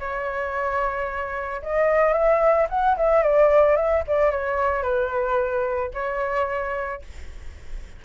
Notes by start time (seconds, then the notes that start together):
0.00 C#5
1.62 D#5
2.13 E5
2.70 F#5
2.97 E5
3.23 D5
3.77 E5
4.08 D5
4.31 C#5
4.83 B4
5.94 C#5